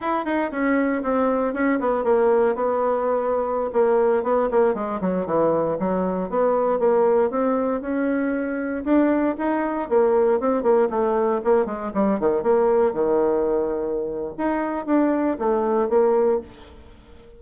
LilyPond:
\new Staff \with { instrumentName = "bassoon" } { \time 4/4 \tempo 4 = 117 e'8 dis'8 cis'4 c'4 cis'8 b8 | ais4 b2~ b16 ais8.~ | ais16 b8 ais8 gis8 fis8 e4 fis8.~ | fis16 b4 ais4 c'4 cis'8.~ |
cis'4~ cis'16 d'4 dis'4 ais8.~ | ais16 c'8 ais8 a4 ais8 gis8 g8 dis16~ | dis16 ais4 dis2~ dis8. | dis'4 d'4 a4 ais4 | }